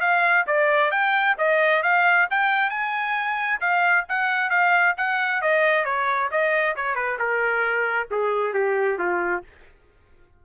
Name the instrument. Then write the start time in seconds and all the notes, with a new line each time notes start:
trumpet
0.00 F5
0.47 D5
0.91 G5
1.38 D#5
1.83 F5
2.30 G5
2.70 G#5
3.60 F5
4.08 F#5
4.50 F5
4.97 F#5
5.41 D#5
5.85 C#5
6.31 D#5
6.76 C#5
6.95 B4
7.18 A#4
8.11 G#4
8.53 G4
8.98 F4